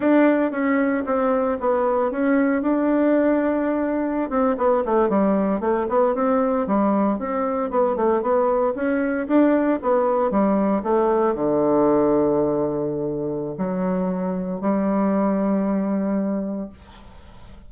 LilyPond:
\new Staff \with { instrumentName = "bassoon" } { \time 4/4 \tempo 4 = 115 d'4 cis'4 c'4 b4 | cis'4 d'2.~ | d'16 c'8 b8 a8 g4 a8 b8 c'16~ | c'8. g4 c'4 b8 a8 b16~ |
b8. cis'4 d'4 b4 g16~ | g8. a4 d2~ d16~ | d2 fis2 | g1 | }